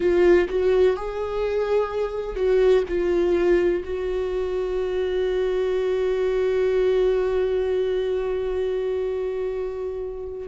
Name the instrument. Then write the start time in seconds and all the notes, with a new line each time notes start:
viola
0.00 F4
0.48 F#4
0.96 G#4
2.35 F#4
2.88 F4
3.84 F#4